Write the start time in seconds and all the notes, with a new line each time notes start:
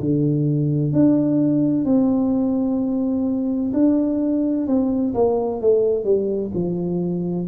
0.00 D3
0.92 D4
1.85 C4
3.73 D4
4.67 C4
5.14 A#3
5.61 A3
6.04 G3
6.54 F3